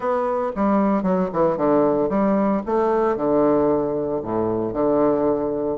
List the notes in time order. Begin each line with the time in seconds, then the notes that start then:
0.00 B3
0.55 G3
1.03 F#3
1.32 E3
1.57 D3
2.09 G3
2.66 A3
3.16 D3
4.22 A2
4.73 D3